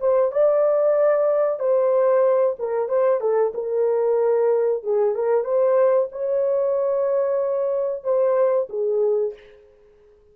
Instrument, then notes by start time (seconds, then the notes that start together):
horn
0.00 C5
0.32 D5
1.60 C5
2.59 A#4
2.89 C5
3.21 A4
3.54 A#4
4.83 G#4
5.15 A#4
5.44 C5
6.12 C#5
8.04 C5
8.69 G#4